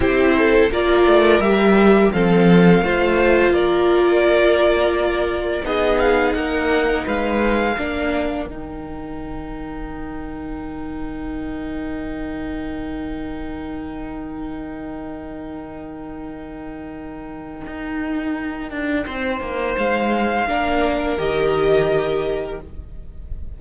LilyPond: <<
  \new Staff \with { instrumentName = "violin" } { \time 4/4 \tempo 4 = 85 c''4 d''4 e''4 f''4~ | f''4 d''2. | dis''8 f''8 fis''4 f''2 | g''1~ |
g''1~ | g''1~ | g''1 | f''2 dis''2 | }
  \new Staff \with { instrumentName = "violin" } { \time 4/4 g'8 a'8 ais'2 a'4 | c''4 ais'2. | gis'4 ais'4 b'4 ais'4~ | ais'1~ |
ais'1~ | ais'1~ | ais'2. c''4~ | c''4 ais'2. | }
  \new Staff \with { instrumentName = "viola" } { \time 4/4 e'4 f'4 g'4 c'4 | f'1 | dis'2. d'4 | dis'1~ |
dis'1~ | dis'1~ | dis'1~ | dis'4 d'4 g'2 | }
  \new Staff \with { instrumentName = "cello" } { \time 4/4 c'4 ais8 a8 g4 f4 | a4 ais2. | b4 ais4 gis4 ais4 | dis1~ |
dis1~ | dis1~ | dis4 dis'4. d'8 c'8 ais8 | gis4 ais4 dis2 | }
>>